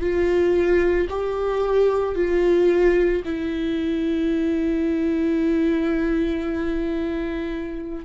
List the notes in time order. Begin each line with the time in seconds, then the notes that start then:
0.00 F4
1.09 G4
2.15 F4
3.24 E4